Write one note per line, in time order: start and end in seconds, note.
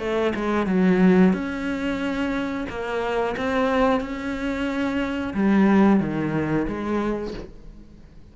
0.00 0.33 A3
0.35 0.67 G#3
0.67 1.33 F#3
1.34 2.67 C#4
2.69 3.36 A#3
3.37 4.01 C4
4.01 5.34 C#4
5.34 6.00 G3
6.00 6.67 D#3
6.68 7.34 G#3